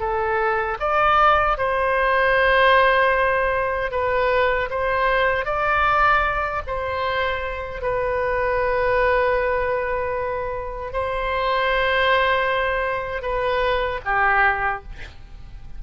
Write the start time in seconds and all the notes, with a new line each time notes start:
0.00 A4
0.80 D5
1.58 C5
3.92 B4
4.70 C5
5.45 D5
6.67 C5
7.82 B4
10.93 C5
13.23 B4
14.05 G4